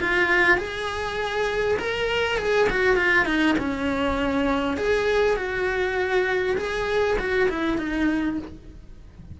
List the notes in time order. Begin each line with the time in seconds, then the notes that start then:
0.00 F4
0.58 G#4
1.79 A#4
2.38 G#4
2.70 F#4
2.97 F4
3.26 D#4
3.59 C#4
4.78 G#4
5.37 F#4
6.57 G#4
7.19 F#4
7.49 E4
7.78 D#4